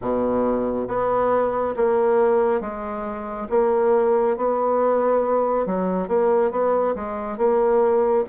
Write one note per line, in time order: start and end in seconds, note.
0.01 0.87 B2
0.87 1.74 B3
1.76 2.60 A#3
2.60 3.47 G#3
3.49 4.36 A#3
4.37 5.66 B3
5.66 6.08 F#3
6.08 6.51 A#3
6.51 6.94 B3
6.95 7.37 G#3
7.37 8.24 A#3